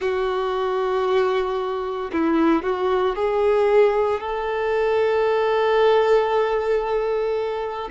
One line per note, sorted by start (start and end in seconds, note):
0.00 2.11 F#4
2.12 2.63 E4
2.63 3.15 F#4
3.15 4.20 G#4
4.20 7.89 A4